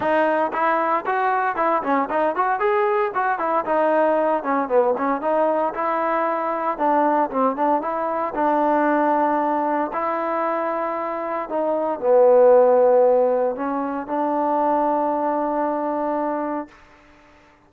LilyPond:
\new Staff \with { instrumentName = "trombone" } { \time 4/4 \tempo 4 = 115 dis'4 e'4 fis'4 e'8 cis'8 | dis'8 fis'8 gis'4 fis'8 e'8 dis'4~ | dis'8 cis'8 b8 cis'8 dis'4 e'4~ | e'4 d'4 c'8 d'8 e'4 |
d'2. e'4~ | e'2 dis'4 b4~ | b2 cis'4 d'4~ | d'1 | }